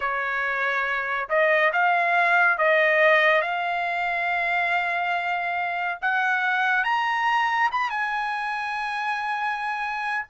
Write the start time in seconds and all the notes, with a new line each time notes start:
0.00 C#5
1.29 D#5
1.73 F5
2.58 D#5
3.41 F5
6.01 F#5
6.84 A#5
7.71 B5
7.90 G#5